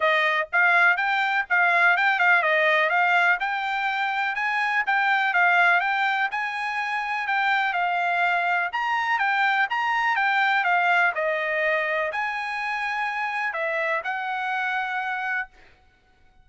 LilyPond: \new Staff \with { instrumentName = "trumpet" } { \time 4/4 \tempo 4 = 124 dis''4 f''4 g''4 f''4 | g''8 f''8 dis''4 f''4 g''4~ | g''4 gis''4 g''4 f''4 | g''4 gis''2 g''4 |
f''2 ais''4 g''4 | ais''4 g''4 f''4 dis''4~ | dis''4 gis''2. | e''4 fis''2. | }